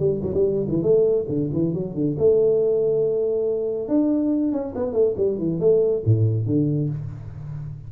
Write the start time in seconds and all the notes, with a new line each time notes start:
0.00 G3
0.23 F#3
0.34 G3
0.69 E3
0.83 A3
1.29 D3
1.54 E3
1.74 F#3
1.95 D3
2.19 A3
3.88 D4
4.52 C#4
4.76 B3
4.93 A3
5.17 G3
5.39 E3
5.60 A3
6.06 A2
6.47 D3